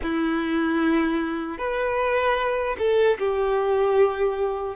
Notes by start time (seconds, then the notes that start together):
0.02 E4
1.58 B4
2.78 A4
3.18 G4